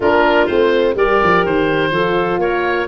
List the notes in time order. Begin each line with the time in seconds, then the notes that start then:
0.00 A#3 D4 F4 A#4
0.46 A3 C4 C5
0.94 G3 G4 A#4 D5
1.23 F3
1.45 D#3 C5
1.90 F3 F4 A4
2.38 A#3 A#4 C#5